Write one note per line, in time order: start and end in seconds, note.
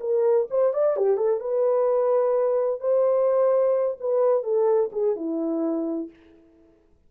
0.00 0.47 A#4
0.50 0.73 C5
0.73 0.96 D5
0.96 1.17 G4
1.17 1.40 A4
1.40 2.80 B4
2.80 3.97 C5
4.00 4.43 B4
4.43 4.90 A4
4.92 5.16 G#4
5.16 6.10 E4